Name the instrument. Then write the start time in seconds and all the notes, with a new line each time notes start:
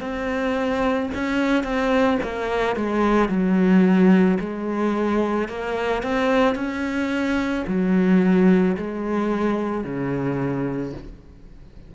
cello
0.00 C4
1.14 C#4
1.63 C4
2.22 A#3
2.76 G#3
3.29 F#3
4.39 G#3
5.48 A#3
6.02 C4
6.55 C#4
7.67 F#3
8.76 G#3
9.84 C#3